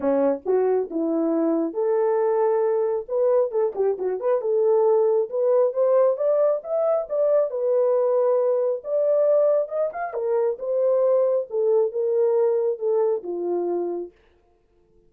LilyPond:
\new Staff \with { instrumentName = "horn" } { \time 4/4 \tempo 4 = 136 cis'4 fis'4 e'2 | a'2. b'4 | a'8 g'8 fis'8 b'8 a'2 | b'4 c''4 d''4 e''4 |
d''4 b'2. | d''2 dis''8 f''8 ais'4 | c''2 a'4 ais'4~ | ais'4 a'4 f'2 | }